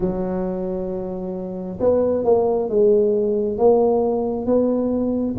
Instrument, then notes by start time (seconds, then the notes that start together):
tuba
0.00 F#3
1.80 B3
2.24 A#3
2.69 G#3
3.57 A#3
4.46 B3